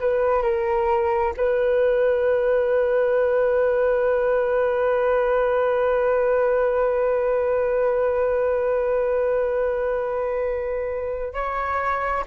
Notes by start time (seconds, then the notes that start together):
0.00 B4
0.43 A#4
1.37 B4
11.33 C#5